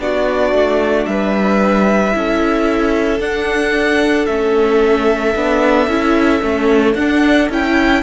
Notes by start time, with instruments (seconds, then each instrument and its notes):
0.00 cello B3, viola D4, violin F#4 D5
0.53 cello A3
1.06 cello G3, violin B4 E5
2.12 cello C#4, viola E4, violin A4
3.20 cello D4, viola D4, violin F#5
4.26 cello A3, viola C#4, violin E5
5.36 cello B3, viola D4
5.88 cello C#4, viola E4
6.42 cello A3, viola C#4
6.95 cello D4, viola D4, violin F#5
7.50 cello C#4, viola E4, violin G5